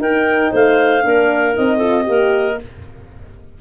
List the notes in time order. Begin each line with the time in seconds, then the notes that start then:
0.00 D#4 A#4 G5
0.51 A3 C5 F5
1.02 A#3 D4 A#4
1.54 C4 D#4 D#5
1.78 F4 A4
2.04 A#3 G4 A#4